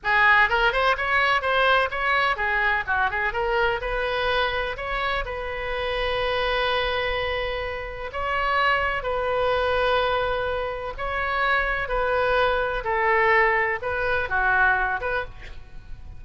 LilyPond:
\new Staff \with { instrumentName = "oboe" } { \time 4/4 \tempo 4 = 126 gis'4 ais'8 c''8 cis''4 c''4 | cis''4 gis'4 fis'8 gis'8 ais'4 | b'2 cis''4 b'4~ | b'1~ |
b'4 cis''2 b'4~ | b'2. cis''4~ | cis''4 b'2 a'4~ | a'4 b'4 fis'4. b'8 | }